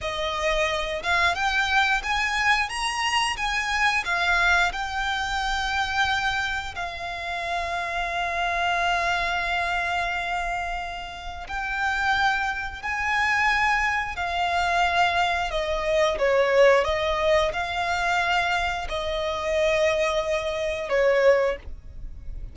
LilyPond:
\new Staff \with { instrumentName = "violin" } { \time 4/4 \tempo 4 = 89 dis''4. f''8 g''4 gis''4 | ais''4 gis''4 f''4 g''4~ | g''2 f''2~ | f''1~ |
f''4 g''2 gis''4~ | gis''4 f''2 dis''4 | cis''4 dis''4 f''2 | dis''2. cis''4 | }